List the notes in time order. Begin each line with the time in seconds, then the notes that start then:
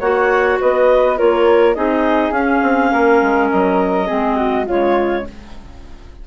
0.00 A#3 F#4 C#5 F#5
0.60 B3 B4 D#5
1.17 A#3 F4 A#4 C#5
1.74 C4 D#4 G#4 D#5
2.31 C#4 F5
2.63 C4
2.92 A#3 A#4
3.21 G#3
3.50 F#3 D#5
4.07 G#3 C4 G#4
4.36 F#4
4.66 C#3 G#3 F4 C#5